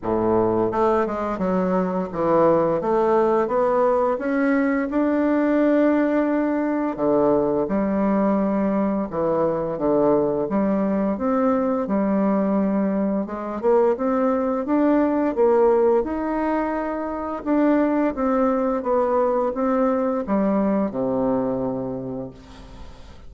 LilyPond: \new Staff \with { instrumentName = "bassoon" } { \time 4/4 \tempo 4 = 86 a,4 a8 gis8 fis4 e4 | a4 b4 cis'4 d'4~ | d'2 d4 g4~ | g4 e4 d4 g4 |
c'4 g2 gis8 ais8 | c'4 d'4 ais4 dis'4~ | dis'4 d'4 c'4 b4 | c'4 g4 c2 | }